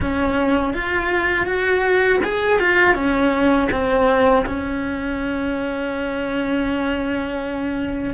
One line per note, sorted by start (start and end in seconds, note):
0.00 0.73 C#4
0.73 1.46 F4
1.46 2.20 F#4
2.23 2.59 G#4
2.59 2.94 F4
2.94 3.68 C#4
3.71 4.45 C4
4.46 8.14 C#4